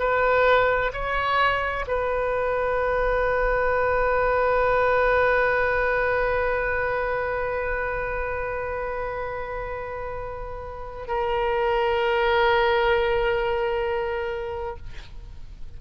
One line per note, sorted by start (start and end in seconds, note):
0.00 0.92 B4
0.94 1.86 C#5
1.88 11.08 B4
11.08 14.77 A#4